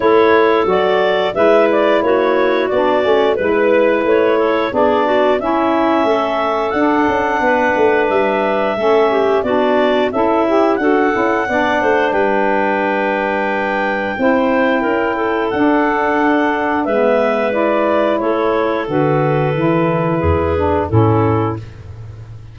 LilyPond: <<
  \new Staff \with { instrumentName = "clarinet" } { \time 4/4 \tempo 4 = 89 cis''4 d''4 e''8 d''8 cis''4 | d''4 b'4 cis''4 d''4 | e''2 fis''2 | e''2 d''4 e''4 |
fis''2 g''2~ | g''2. fis''4~ | fis''4 e''4 d''4 cis''4 | b'2. a'4 | }
  \new Staff \with { instrumentName = "clarinet" } { \time 4/4 a'2 b'4 fis'4~ | fis'4 b'4. a'8 gis'8 fis'8 | e'4 a'2 b'4~ | b'4 a'8 g'8 fis'4 e'4 |
a'4 d''8 c''8 b'2~ | b'4 c''4 ais'8 a'4.~ | a'4 b'2 a'4~ | a'2 gis'4 e'4 | }
  \new Staff \with { instrumentName = "saxophone" } { \time 4/4 e'4 fis'4 e'2 | d'8 cis'8 e'2 d'4 | cis'2 d'2~ | d'4 cis'4 d'4 a'8 g'8 |
fis'8 e'8 d'2.~ | d'4 e'2 d'4~ | d'4 b4 e'2 | fis'4 e'4. d'8 cis'4 | }
  \new Staff \with { instrumentName = "tuba" } { \time 4/4 a4 fis4 gis4 ais4 | b8 a8 gis4 a4 b4 | cis'4 a4 d'8 cis'8 b8 a8 | g4 a4 b4 cis'4 |
d'8 cis'8 b8 a8 g2~ | g4 c'4 cis'4 d'4~ | d'4 gis2 a4 | d4 e4 e,4 a,4 | }
>>